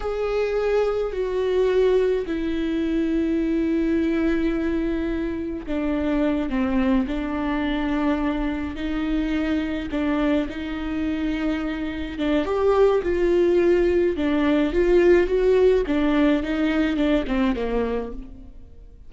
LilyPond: \new Staff \with { instrumentName = "viola" } { \time 4/4 \tempo 4 = 106 gis'2 fis'2 | e'1~ | e'2 d'4. c'8~ | c'8 d'2. dis'8~ |
dis'4. d'4 dis'4.~ | dis'4. d'8 g'4 f'4~ | f'4 d'4 f'4 fis'4 | d'4 dis'4 d'8 c'8 ais4 | }